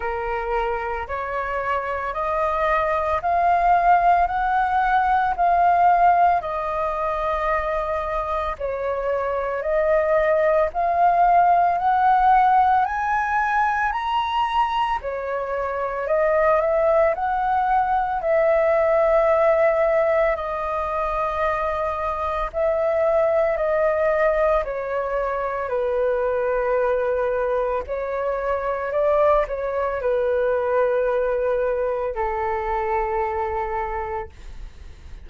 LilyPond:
\new Staff \with { instrumentName = "flute" } { \time 4/4 \tempo 4 = 56 ais'4 cis''4 dis''4 f''4 | fis''4 f''4 dis''2 | cis''4 dis''4 f''4 fis''4 | gis''4 ais''4 cis''4 dis''8 e''8 |
fis''4 e''2 dis''4~ | dis''4 e''4 dis''4 cis''4 | b'2 cis''4 d''8 cis''8 | b'2 a'2 | }